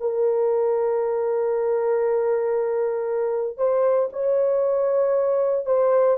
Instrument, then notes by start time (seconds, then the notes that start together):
horn
0.00 A#4
3.57 C5
4.12 C#5
5.66 C5